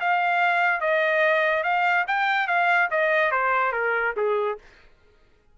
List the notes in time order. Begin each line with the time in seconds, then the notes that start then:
0.00 F5
0.80 D#5
1.63 F5
2.07 G5
2.47 F5
2.90 D#5
3.31 C5
3.72 A#4
4.16 G#4